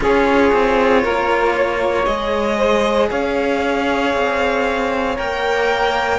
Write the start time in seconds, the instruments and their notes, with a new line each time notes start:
0.00 cello C#4 F4, saxophone G#4, violin C#5
0.52 cello C4
1.03 cello A#3, saxophone A#4
1.55 saxophone C#5
2.05 cello G#3 G#4, violin D#5
2.57 saxophone C5
3.09 cello C#4, saxophone C#5, violin F5
4.14 cello C4
5.16 cello A#3 A#4, violin G5